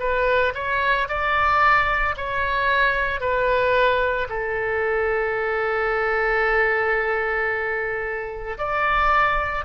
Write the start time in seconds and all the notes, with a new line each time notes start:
0.00 B4
0.55 C#5
1.09 D5
2.17 C#5
3.21 B4
4.30 A4
8.58 D5